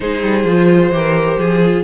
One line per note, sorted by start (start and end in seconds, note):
0.00 0.22 G#3
0.00 0.45 D#4
0.00 0.93 G#4
0.00 1.82 C5
0.22 0.44 G3
0.44 0.90 F3
0.44 0.92 F4
0.90 1.36 E3
0.90 1.61 G4
0.90 1.39 A#4
1.37 1.83 F3
1.37 1.83 G#4
1.64 1.83 F4